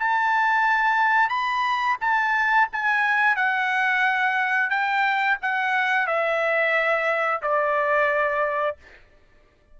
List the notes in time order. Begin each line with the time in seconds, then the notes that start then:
0.00 A5
1.30 B5
2.01 A5
2.73 G#5
3.36 F#5
4.70 G5
5.42 F#5
6.07 E5
7.42 D5